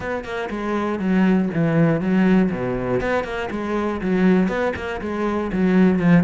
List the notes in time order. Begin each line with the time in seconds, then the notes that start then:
0.00 B3
0.24 A#3
0.50 G#3
0.99 F#3
1.53 E3
2.00 F#3
2.51 B2
3.00 B3
3.24 A#3
3.50 G#3
4.01 F#3
4.48 B3
4.75 A#3
5.01 G#3
5.52 F#3
5.99 F3